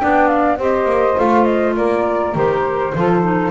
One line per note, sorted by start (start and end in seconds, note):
0.00 0.59 B3
0.00 0.59 D4
0.00 0.58 D5
0.00 0.28 G5
0.28 0.57 F5
0.58 0.86 C4
0.58 1.17 G4
0.58 1.76 C5
0.58 1.19 D#5
0.86 1.15 A#3
1.17 1.77 A3
1.17 2.35 F4
1.17 1.45 F5
1.45 1.74 D#5
1.77 2.35 A#3
1.77 2.94 A#4
1.77 2.36 D5
2.35 2.94 D#3
2.35 2.94 G4
2.35 3.51 C5
2.95 3.51 F3
2.95 3.23 F4
2.95 3.51 A4
3.23 3.51 D#4